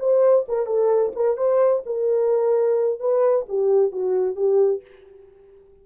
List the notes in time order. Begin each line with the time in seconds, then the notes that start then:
0.00 C5
0.49 A#4
0.67 A4
1.16 A#4
1.37 C5
1.87 A#4
3.00 B4
3.49 G4
3.92 F#4
4.36 G4